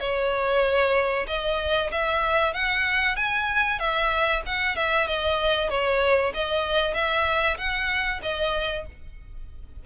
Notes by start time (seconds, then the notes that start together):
0.00 C#5
1.27 D#5
1.91 E5
2.54 F#5
3.16 G#5
3.79 E5
4.46 F#5
4.76 E5
5.07 D#5
5.70 C#5
6.34 D#5
6.94 E5
7.57 F#5
8.22 D#5